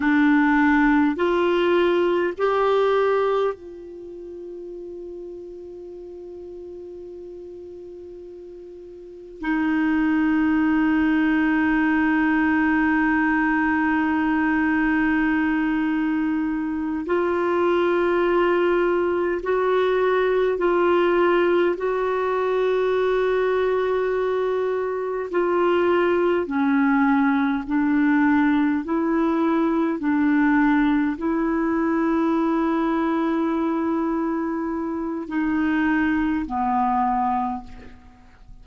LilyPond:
\new Staff \with { instrumentName = "clarinet" } { \time 4/4 \tempo 4 = 51 d'4 f'4 g'4 f'4~ | f'1 | dis'1~ | dis'2~ dis'8 f'4.~ |
f'8 fis'4 f'4 fis'4.~ | fis'4. f'4 cis'4 d'8~ | d'8 e'4 d'4 e'4.~ | e'2 dis'4 b4 | }